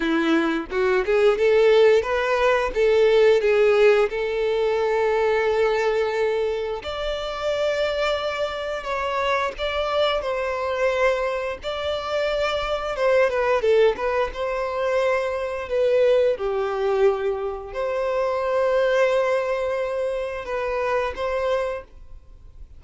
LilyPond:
\new Staff \with { instrumentName = "violin" } { \time 4/4 \tempo 4 = 88 e'4 fis'8 gis'8 a'4 b'4 | a'4 gis'4 a'2~ | a'2 d''2~ | d''4 cis''4 d''4 c''4~ |
c''4 d''2 c''8 b'8 | a'8 b'8 c''2 b'4 | g'2 c''2~ | c''2 b'4 c''4 | }